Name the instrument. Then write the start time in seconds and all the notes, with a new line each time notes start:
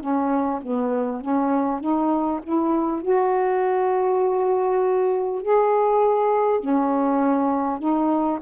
saxophone
0.00 C#4
0.62 B3
1.21 C#4
1.80 D#4
2.43 E4
3.01 F#4
5.41 G#4
6.59 C#4
7.78 D#4